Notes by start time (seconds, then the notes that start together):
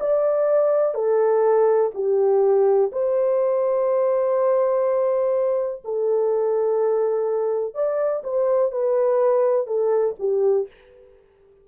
0.00 D5
0.94 A4
1.94 G4
2.92 C5
5.84 A4
7.74 D5
8.23 C5
8.71 B4
9.66 A4
10.19 G4